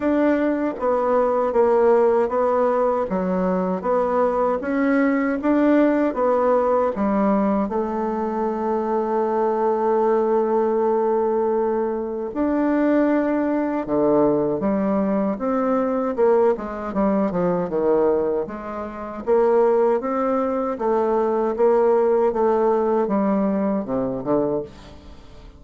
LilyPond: \new Staff \with { instrumentName = "bassoon" } { \time 4/4 \tempo 4 = 78 d'4 b4 ais4 b4 | fis4 b4 cis'4 d'4 | b4 g4 a2~ | a1 |
d'2 d4 g4 | c'4 ais8 gis8 g8 f8 dis4 | gis4 ais4 c'4 a4 | ais4 a4 g4 c8 d8 | }